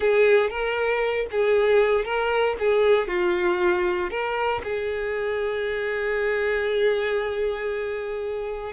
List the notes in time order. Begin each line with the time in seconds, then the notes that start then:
0.00 G#4
0.50 A#4
1.31 G#4
2.04 A#4
2.59 G#4
3.07 F4
4.10 A#4
4.63 G#4